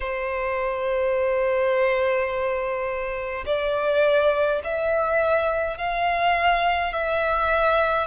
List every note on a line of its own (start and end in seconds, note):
0.00 3.44 C5
3.46 4.61 D5
4.64 5.77 E5
5.77 6.92 F5
6.92 8.07 E5